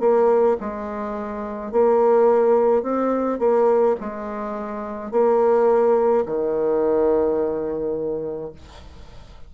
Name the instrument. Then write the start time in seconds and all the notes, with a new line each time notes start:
bassoon
0.00 A#3
0.60 G#3
1.72 A#3
2.83 C4
3.39 A#3
4.00 G#3
5.11 A#3
6.26 D#3